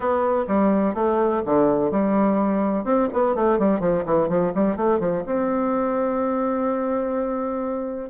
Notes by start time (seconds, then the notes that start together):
0.00 B3
0.47 G3
0.94 A3
1.45 D3
1.91 G3
2.84 C4
3.13 B3
3.35 A3
3.58 G3
3.80 F3
4.05 E3
4.28 F3
4.55 G3
4.76 A3
4.99 F3
5.26 C4